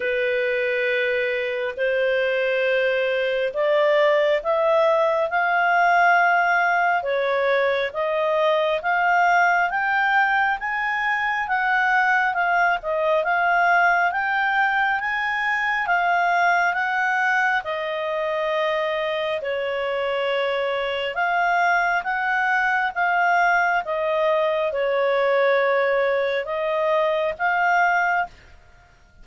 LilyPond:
\new Staff \with { instrumentName = "clarinet" } { \time 4/4 \tempo 4 = 68 b'2 c''2 | d''4 e''4 f''2 | cis''4 dis''4 f''4 g''4 | gis''4 fis''4 f''8 dis''8 f''4 |
g''4 gis''4 f''4 fis''4 | dis''2 cis''2 | f''4 fis''4 f''4 dis''4 | cis''2 dis''4 f''4 | }